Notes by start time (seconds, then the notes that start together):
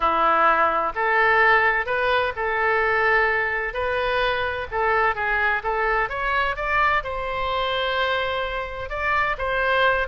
0.00 E4
0.95 A4
1.85 B4
2.35 A4
3.73 B4
4.71 A4
5.15 G#4
5.63 A4
6.09 C#5
6.56 D5
7.03 C5
8.89 D5
9.37 C5